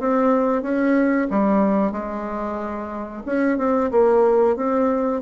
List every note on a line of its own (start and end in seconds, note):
0.00 0.63 C4
0.63 1.28 C#4
1.30 1.92 G3
1.92 3.23 G#3
3.26 3.58 C#4
3.58 3.91 C4
3.91 4.56 A#3
4.57 5.22 C4